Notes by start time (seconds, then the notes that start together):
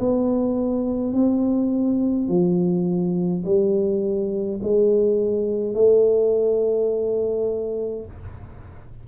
0.00 B3
1.14 C4
2.29 F3
3.45 G3
4.64 G#3
5.75 A3